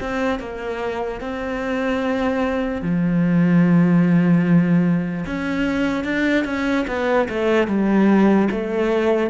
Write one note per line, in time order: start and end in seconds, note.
0.00 0.39 C4
0.39 1.20 A#3
1.20 2.81 C4
2.81 5.24 F3
5.26 6.04 C#4
6.04 6.44 D4
6.44 6.85 C#4
6.87 7.28 B3
7.29 7.67 A3
7.67 8.48 G3
8.51 9.30 A3